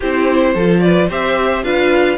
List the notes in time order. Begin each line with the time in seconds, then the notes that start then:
0.00 C4 E4 G4 C5
0.54 F3 F4 A4
0.80 B4 D5
1.09 C4 G4 C5 E5
1.63 D4 F4 B4 F5